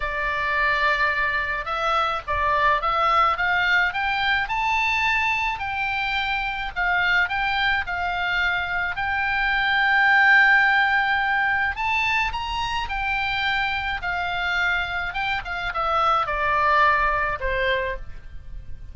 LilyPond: \new Staff \with { instrumentName = "oboe" } { \time 4/4 \tempo 4 = 107 d''2. e''4 | d''4 e''4 f''4 g''4 | a''2 g''2 | f''4 g''4 f''2 |
g''1~ | g''4 a''4 ais''4 g''4~ | g''4 f''2 g''8 f''8 | e''4 d''2 c''4 | }